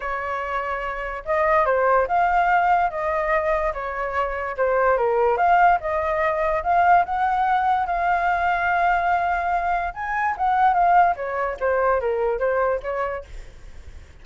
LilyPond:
\new Staff \with { instrumentName = "flute" } { \time 4/4 \tempo 4 = 145 cis''2. dis''4 | c''4 f''2 dis''4~ | dis''4 cis''2 c''4 | ais'4 f''4 dis''2 |
f''4 fis''2 f''4~ | f''1 | gis''4 fis''4 f''4 cis''4 | c''4 ais'4 c''4 cis''4 | }